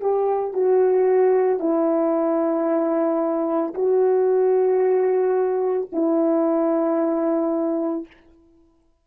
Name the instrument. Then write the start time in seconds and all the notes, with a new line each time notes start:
horn
0.00 G4
0.53 F#4
1.59 E4
3.74 F#4
5.92 E4